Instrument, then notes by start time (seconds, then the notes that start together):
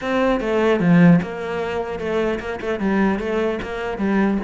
cello
0.01 C4
0.40 A3
0.79 F3
1.22 A#3
1.99 A3
2.39 A#3
2.60 A3
2.79 G3
3.19 A3
3.62 A#3
3.98 G3